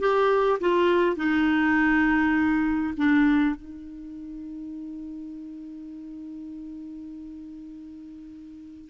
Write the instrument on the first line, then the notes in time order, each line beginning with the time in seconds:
clarinet
0.00 G4
0.61 F4
1.17 D#4
2.97 D4
3.56 D#4